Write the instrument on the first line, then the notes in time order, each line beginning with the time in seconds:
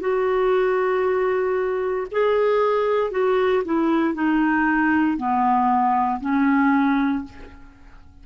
clarinet
0.00 F#4
2.11 G#4
3.11 F#4
3.64 E4
4.14 D#4
5.17 B3
6.21 C#4